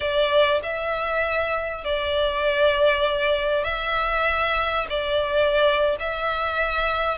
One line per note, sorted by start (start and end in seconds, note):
0.00 0.61 D5
0.62 1.84 E5
1.84 3.64 D5
3.64 4.86 E5
4.89 5.96 D5
5.99 7.17 E5